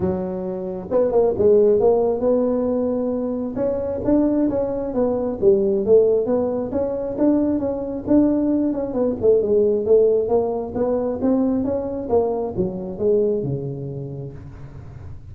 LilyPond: \new Staff \with { instrumentName = "tuba" } { \time 4/4 \tempo 4 = 134 fis2 b8 ais8 gis4 | ais4 b2. | cis'4 d'4 cis'4 b4 | g4 a4 b4 cis'4 |
d'4 cis'4 d'4. cis'8 | b8 a8 gis4 a4 ais4 | b4 c'4 cis'4 ais4 | fis4 gis4 cis2 | }